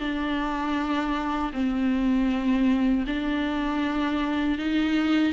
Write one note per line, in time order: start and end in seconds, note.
0.00 1.52 D4
1.53 3.05 C4
3.07 4.58 D4
4.58 5.33 D#4